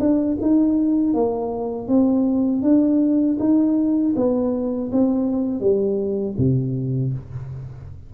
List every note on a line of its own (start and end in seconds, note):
0.00 0.38 D4
0.42 1.14 D#4
1.14 1.88 A#3
1.88 2.62 C4
2.62 3.38 D4
3.40 4.15 D#4
4.16 4.91 B3
4.92 5.60 C4
5.60 6.35 G3
6.38 7.13 C3